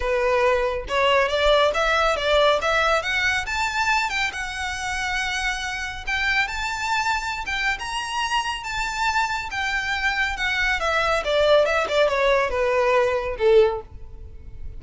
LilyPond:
\new Staff \with { instrumentName = "violin" } { \time 4/4 \tempo 4 = 139 b'2 cis''4 d''4 | e''4 d''4 e''4 fis''4 | a''4. g''8 fis''2~ | fis''2 g''4 a''4~ |
a''4~ a''16 g''8. ais''2 | a''2 g''2 | fis''4 e''4 d''4 e''8 d''8 | cis''4 b'2 a'4 | }